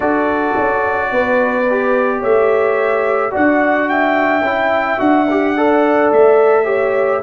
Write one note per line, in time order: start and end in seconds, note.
0.00 0.54 D4
0.00 1.65 F#4
0.00 1.09 A4
0.00 2.22 D5
0.56 1.11 C#4
1.11 2.22 B3
1.11 2.19 B4
1.70 3.30 G4
2.19 3.33 A3
2.19 3.30 C#5
2.19 3.34 E5
3.30 4.41 D4
3.30 4.41 F#4
3.30 3.87 D5
3.30 3.88 F#5
3.88 5.56 E5
3.88 4.99 G5
4.41 4.97 C#4
4.41 4.97 E4
4.97 6.10 D4
4.97 5.25 F#4
4.97 6.10 F#5
5.30 5.56 G4
5.56 6.64 A4
5.56 6.64 D5
6.12 7.22 A3
6.12 7.22 E5
6.64 7.19 G4
6.64 7.20 C#5